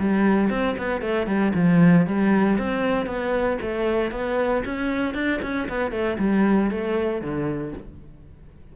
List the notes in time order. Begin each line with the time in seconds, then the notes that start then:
0.00 G3
0.50 C4
0.78 B3
1.02 A3
1.27 G3
1.55 F3
2.07 G3
2.58 C4
3.07 B3
3.62 A3
4.12 B3
4.65 C#4
5.15 D4
5.43 C#4
5.69 B3
5.92 A3
6.19 G3
6.71 A3
7.22 D3